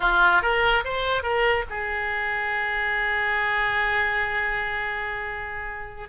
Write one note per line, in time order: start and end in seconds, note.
0.00 0.42 F4
0.42 0.84 A#4
0.84 1.22 C5
1.22 1.64 A#4
1.69 6.08 G#4